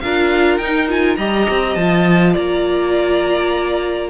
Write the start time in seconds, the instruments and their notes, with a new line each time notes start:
0.00 cello D4, viola F4, violin A#4 F5
0.58 cello D#4, viola D#4, violin G5
0.89 viola F4, violin G#5
1.16 cello G3, viola G4, violin D#5 A#5
1.50 cello C4
1.75 cello F3, viola F4, violin A5
2.33 cello A#3, violin D5 A#5